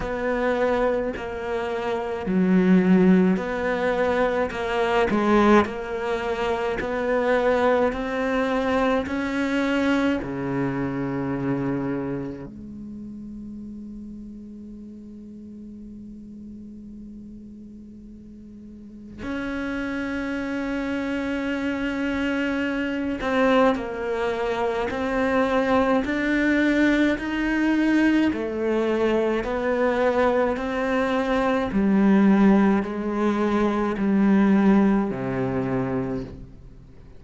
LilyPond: \new Staff \with { instrumentName = "cello" } { \time 4/4 \tempo 4 = 53 b4 ais4 fis4 b4 | ais8 gis8 ais4 b4 c'4 | cis'4 cis2 gis4~ | gis1~ |
gis4 cis'2.~ | cis'8 c'8 ais4 c'4 d'4 | dis'4 a4 b4 c'4 | g4 gis4 g4 c4 | }